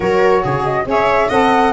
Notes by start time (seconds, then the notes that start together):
0.00 F#3 F#4 A#4 C#5
0.43 C#3 G#4
0.64 D#5
0.85 C#4 G#4 C#5 E5
1.28 C4 A4 D#5 F#5